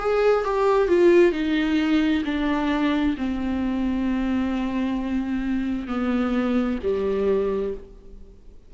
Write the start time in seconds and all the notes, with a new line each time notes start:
0.00 G#4
0.45 G4
0.88 F4
1.33 D#4
2.25 D4
3.18 C4
5.88 B3
6.83 G3